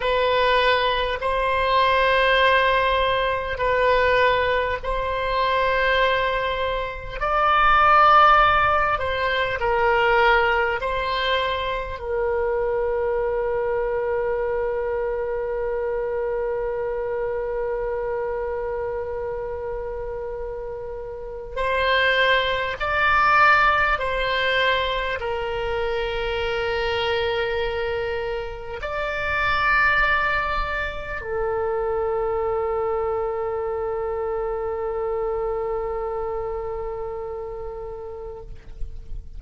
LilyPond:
\new Staff \with { instrumentName = "oboe" } { \time 4/4 \tempo 4 = 50 b'4 c''2 b'4 | c''2 d''4. c''8 | ais'4 c''4 ais'2~ | ais'1~ |
ais'2 c''4 d''4 | c''4 ais'2. | d''2 a'2~ | a'1 | }